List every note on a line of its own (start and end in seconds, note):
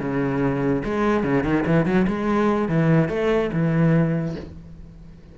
0.00 0.83 C#3
0.84 1.24 G#3
1.24 1.44 C#3
1.44 1.64 D#3
1.66 1.86 E3
1.86 2.06 F#3
2.07 2.68 G#3
2.68 3.09 E3
3.09 3.50 A3
3.53 4.36 E3